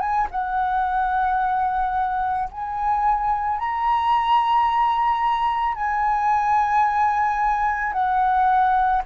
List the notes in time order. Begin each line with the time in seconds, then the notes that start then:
0.00 G#5
0.31 F#5
2.51 G#5
3.59 A#5
5.74 G#5
7.92 F#5